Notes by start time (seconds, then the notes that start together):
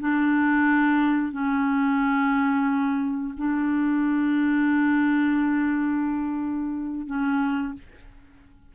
0.00 D4
1.32 C#4
3.37 D4
7.06 C#4